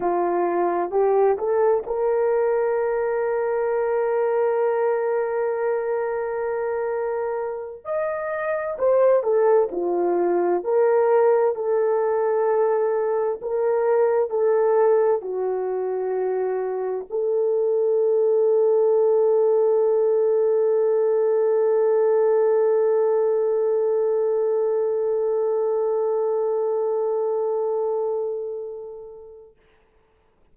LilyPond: \new Staff \with { instrumentName = "horn" } { \time 4/4 \tempo 4 = 65 f'4 g'8 a'8 ais'2~ | ais'1~ | ais'8 dis''4 c''8 a'8 f'4 ais'8~ | ais'8 a'2 ais'4 a'8~ |
a'8 fis'2 a'4.~ | a'1~ | a'1~ | a'1 | }